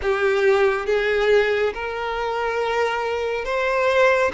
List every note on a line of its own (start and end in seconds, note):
0.02 0.86 G4
0.86 1.73 G#4
1.74 3.44 A#4
3.44 4.31 C5